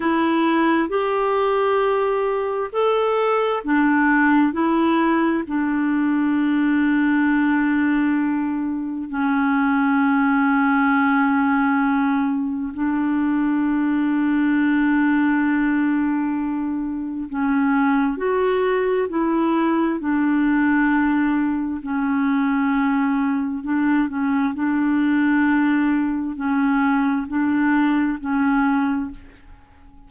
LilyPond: \new Staff \with { instrumentName = "clarinet" } { \time 4/4 \tempo 4 = 66 e'4 g'2 a'4 | d'4 e'4 d'2~ | d'2 cis'2~ | cis'2 d'2~ |
d'2. cis'4 | fis'4 e'4 d'2 | cis'2 d'8 cis'8 d'4~ | d'4 cis'4 d'4 cis'4 | }